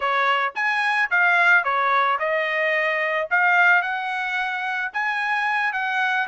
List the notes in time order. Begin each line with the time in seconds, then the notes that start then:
0.00 C#5
0.55 G#5
1.10 F5
1.63 C#5
2.19 D#5
3.30 F5
3.82 F#5
4.93 G#5
5.72 F#5